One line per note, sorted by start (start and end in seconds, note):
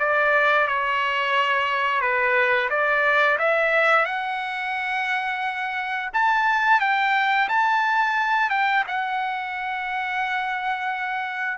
0.00 0.68 D5
0.68 2.01 C#5
2.01 2.70 B4
2.70 3.38 D5
3.39 4.06 E5
4.06 6.11 F#5
6.14 6.81 A5
6.81 7.49 G5
7.49 8.50 A5
8.50 8.85 G5
8.88 11.58 F#5